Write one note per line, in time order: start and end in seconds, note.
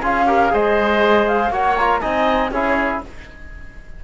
0.00 0.52 C#4
0.00 0.27 F4
0.00 0.25 G#4
0.00 0.54 F5
0.27 0.50 G4
0.27 0.52 A#4
0.50 1.50 G#3
0.50 1.50 G#4
0.50 1.53 C5
0.50 1.28 D#5
1.28 1.52 F5
1.50 2.00 A#3
1.50 1.76 F#4
1.50 2.01 C#5
1.50 1.77 F#5
1.77 2.01 F4
1.77 2.01 A#5
2.01 2.51 C4
2.01 2.51 D#4
2.01 2.51 D#5
2.01 2.51 G#5
2.51 3.01 C#4
2.51 3.04 E4
2.51 3.02 G#4
2.51 3.01 C#5